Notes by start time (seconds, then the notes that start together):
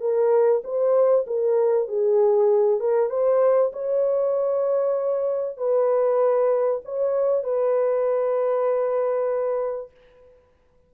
0.00 A#4
0.64 C5
1.27 A#4
1.88 G#4
2.80 A#4
3.10 C5
3.73 C#5
5.57 B4
6.85 C#5
7.43 B4